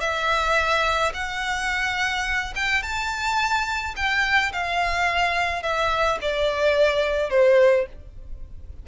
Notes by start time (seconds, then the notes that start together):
0.00 E5
1.13 F#5
2.55 G5
2.82 A5
3.96 G5
4.53 F5
5.63 E5
6.21 D5
7.30 C5